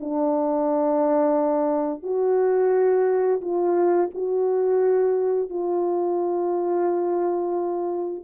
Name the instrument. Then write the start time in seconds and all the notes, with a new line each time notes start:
horn
0.00 D4
2.03 F#4
3.41 F4
4.14 F#4
5.50 F4